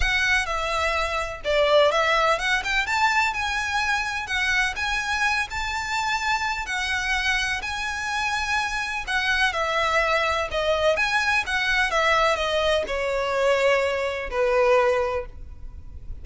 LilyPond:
\new Staff \with { instrumentName = "violin" } { \time 4/4 \tempo 4 = 126 fis''4 e''2 d''4 | e''4 fis''8 g''8 a''4 gis''4~ | gis''4 fis''4 gis''4. a''8~ | a''2 fis''2 |
gis''2. fis''4 | e''2 dis''4 gis''4 | fis''4 e''4 dis''4 cis''4~ | cis''2 b'2 | }